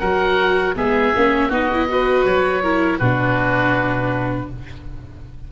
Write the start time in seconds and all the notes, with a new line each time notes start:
0.00 F#3 F#4 A#4 F#5
0.76 G#3 B3 G#4 E5
1.16 A#3 C#4
1.49 B3 D#4 F#4 D#5
1.74 E4
1.89 F#4 B4
2.25 F#3 C#5
2.64 E4 A#4
2.99 B2 D4 F#4 B4